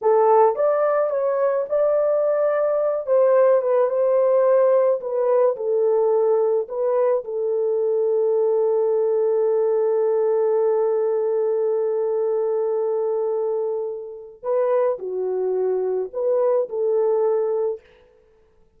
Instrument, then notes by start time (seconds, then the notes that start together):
horn
0.01 A4
0.55 D5
1.10 C#5
1.69 D5
3.06 C5
3.61 B4
3.89 C5
5.00 B4
5.56 A4
6.68 B4
7.24 A4
14.43 B4
14.98 F#4
16.13 B4
16.69 A4